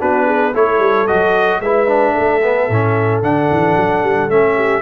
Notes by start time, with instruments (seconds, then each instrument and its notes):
0.00 tuba B3, trombone D4, horn F#4, trumpet B4
0.26 horn G#4
0.54 tuba A3, trombone E4, horn A4, trumpet C#5
0.79 tuba G3
1.07 tuba F#3, trombone F#4, trumpet D#5
1.60 tuba G#3, trombone E4, horn B4, trumpet E5
1.88 trombone D4
2.13 horn A4
2.19 tuba A3
2.43 trombone B3
2.70 tuba A2, trombone C#4
3.22 tuba D3, trombone D4, trumpet F#5
3.51 tuba E3
3.77 tuba F#3
4.03 tuba G3
4.29 tuba A3, trombone C#4, trumpet E5
4.56 horn G4